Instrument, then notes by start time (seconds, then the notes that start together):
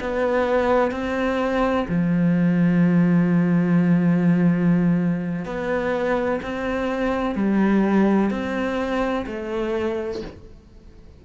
cello
0.00 B3
0.91 C4
1.88 F3
5.45 B3
6.42 C4
7.35 G3
8.30 C4
9.26 A3